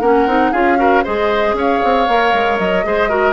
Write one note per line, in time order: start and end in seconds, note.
0.00 0.26 A#3
0.00 0.28 C#4
0.00 0.51 A#4
0.00 0.52 F#5
0.26 0.51 C4
0.26 0.53 D#4
0.51 1.04 C#4
0.51 0.77 F4
0.51 0.76 G#4
0.51 1.03 F5
0.77 1.02 F#4
0.77 1.03 A#4
1.03 1.53 G#3
1.03 2.07 G#4
1.03 1.55 C5
1.03 1.56 D#5
1.53 1.78 C#4
1.53 2.85 C#5
1.59 2.59 F5
1.83 2.07 C4
2.07 2.33 A#3
2.07 2.83 A#4
2.33 2.59 G#3
2.59 2.84 F#3
2.59 3.33 D#5
2.83 3.33 G#3
2.83 3.09 G#4
2.83 3.09 C5
3.09 3.33 F#4
3.09 3.33 A#4